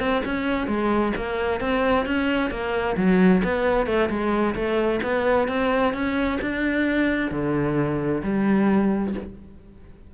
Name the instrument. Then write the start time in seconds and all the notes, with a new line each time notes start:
cello
0.00 C4
0.25 C#4
0.67 G#3
1.17 A#3
1.61 C4
2.06 C#4
2.51 A#3
2.97 F#3
3.44 B3
3.87 A3
4.10 G#3
4.55 A3
5.03 B3
5.48 C4
5.94 C#4
6.42 D4
7.31 D3
8.23 G3